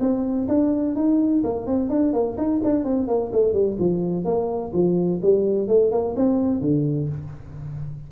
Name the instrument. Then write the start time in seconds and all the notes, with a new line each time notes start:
tuba
0.00 C4
0.48 D4
0.95 D#4
1.44 A#3
1.67 C4
1.89 D4
2.13 A#3
2.37 D#4
2.64 D4
2.84 C4
3.07 A#3
3.32 A3
3.53 G3
3.79 F3
4.24 A#3
4.73 F3
5.22 G3
5.68 A3
5.91 A#3
6.16 C4
6.61 D3